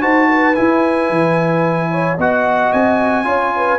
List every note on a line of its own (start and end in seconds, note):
0.00 0.57 D#4
0.00 0.54 F#4
0.00 0.27 C5
0.00 0.54 A5
0.28 1.90 B4
0.54 2.17 E4
0.54 1.10 E4
0.54 2.16 G#5
1.10 2.18 E3
1.90 2.17 C#5
2.17 2.72 B3
2.17 3.24 F#4
2.17 3.25 D#5
2.17 2.72 F#5
2.72 3.24 C4
2.72 3.79 G#5
3.24 3.78 C#4
3.24 3.78 F4
3.24 3.54 C#5
3.56 3.79 B4